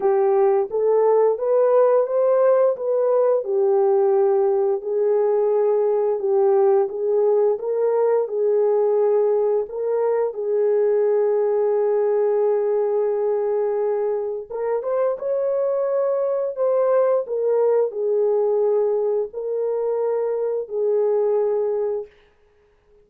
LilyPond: \new Staff \with { instrumentName = "horn" } { \time 4/4 \tempo 4 = 87 g'4 a'4 b'4 c''4 | b'4 g'2 gis'4~ | gis'4 g'4 gis'4 ais'4 | gis'2 ais'4 gis'4~ |
gis'1~ | gis'4 ais'8 c''8 cis''2 | c''4 ais'4 gis'2 | ais'2 gis'2 | }